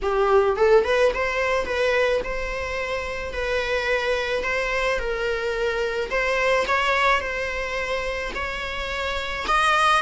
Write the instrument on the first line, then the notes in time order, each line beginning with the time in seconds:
viola
0.02 G4
0.56 A4
0.84 B4
1.14 C5
1.65 B4
2.24 C5
3.33 B4
4.43 C5
4.98 A#4
6.10 C5
6.67 C#5
7.20 C5
8.35 C#5
9.47 D#5